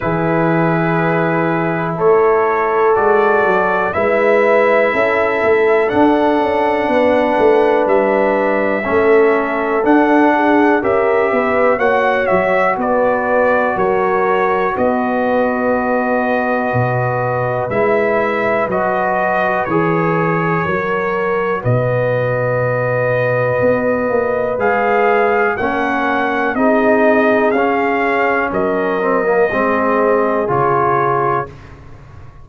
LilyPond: <<
  \new Staff \with { instrumentName = "trumpet" } { \time 4/4 \tempo 4 = 61 b'2 cis''4 d''4 | e''2 fis''2 | e''2 fis''4 e''4 | fis''8 e''8 d''4 cis''4 dis''4~ |
dis''2 e''4 dis''4 | cis''2 dis''2~ | dis''4 f''4 fis''4 dis''4 | f''4 dis''2 cis''4 | }
  \new Staff \with { instrumentName = "horn" } { \time 4/4 gis'2 a'2 | b'4 a'2 b'4~ | b'4 a'4. gis'8 ais'8 b'8 | cis''4 b'4 ais'4 b'4~ |
b'1~ | b'4 ais'4 b'2~ | b'2 ais'4 gis'4~ | gis'4 ais'4 gis'2 | }
  \new Staff \with { instrumentName = "trombone" } { \time 4/4 e'2. fis'4 | e'2 d'2~ | d'4 cis'4 d'4 g'4 | fis'1~ |
fis'2 e'4 fis'4 | gis'4 fis'2.~ | fis'4 gis'4 cis'4 dis'4 | cis'4. c'16 ais16 c'4 f'4 | }
  \new Staff \with { instrumentName = "tuba" } { \time 4/4 e2 a4 gis8 fis8 | gis4 cis'8 a8 d'8 cis'8 b8 a8 | g4 a4 d'4 cis'8 b8 | ais8 fis8 b4 fis4 b4~ |
b4 b,4 gis4 fis4 | e4 fis4 b,2 | b8 ais8 gis4 ais4 c'4 | cis'4 fis4 gis4 cis4 | }
>>